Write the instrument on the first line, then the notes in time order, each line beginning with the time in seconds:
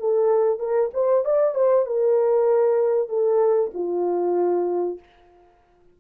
horn
0.00 A4
0.59 A#4
0.94 C5
1.25 D5
1.55 C5
1.86 A#4
3.09 A4
3.74 F4